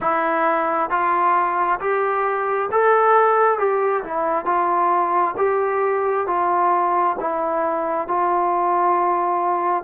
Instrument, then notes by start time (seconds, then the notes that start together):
trombone
0.00 E4
0.90 F4
1.80 G4
2.71 A4
3.58 G4
4.03 E4
4.45 F4
5.37 G4
6.26 F4
7.20 E4
8.07 F4